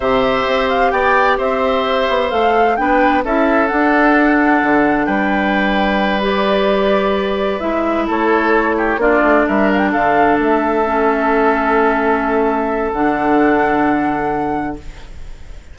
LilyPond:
<<
  \new Staff \with { instrumentName = "flute" } { \time 4/4 \tempo 4 = 130 e''4. f''8 g''4 e''4~ | e''4 f''4 g''4 e''4 | fis''2. g''4~ | g''4. d''2~ d''8~ |
d''8 e''4 cis''2 d''8~ | d''8 e''8 f''16 g''16 f''4 e''4.~ | e''1 | fis''1 | }
  \new Staff \with { instrumentName = "oboe" } { \time 4/4 c''2 d''4 c''4~ | c''2 b'4 a'4~ | a'2. b'4~ | b'1~ |
b'4. a'4. g'8 f'8~ | f'8 ais'4 a'2~ a'8~ | a'1~ | a'1 | }
  \new Staff \with { instrumentName = "clarinet" } { \time 4/4 g'1~ | g'4 a'4 d'4 e'4 | d'1~ | d'4. g'2~ g'8~ |
g'8 e'2. d'8~ | d'2.~ d'8 cis'8~ | cis'1 | d'1 | }
  \new Staff \with { instrumentName = "bassoon" } { \time 4/4 c4 c'4 b4 c'4~ | c'8 b8 a4 b4 cis'4 | d'2 d4 g4~ | g1~ |
g8 gis4 a2 ais8 | a8 g4 d4 a4.~ | a1 | d1 | }
>>